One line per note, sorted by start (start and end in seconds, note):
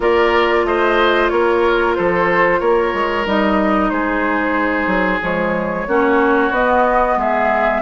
0.00 0.64 A#3
0.00 3.25 F4
0.00 0.66 A#4
0.00 0.65 D5
0.64 1.29 A3
0.64 1.32 C5
0.64 1.29 D#5
1.29 1.97 A#3
1.29 1.97 A#4
1.29 1.94 C#5
1.94 2.61 F3
1.94 2.60 A4
1.94 2.60 C5
2.60 2.93 A#3
2.60 3.90 A#4
2.60 3.25 C#5
2.93 3.26 G#3
3.26 3.91 G3
3.26 5.21 D#4
3.26 3.89 D#5
3.89 4.86 G#3
3.89 5.87 G#4
3.89 5.20 C5
4.86 5.19 F#3
5.21 5.87 F3
5.21 5.86 G#3
5.21 6.54 C#5
5.87 6.50 A#3
5.87 6.52 C#4
5.87 7.18 F#4
6.50 7.15 B3
6.50 7.82 B3
6.50 7.19 D#5
7.16 7.81 G#3
7.16 7.82 G#4
7.16 7.82 E5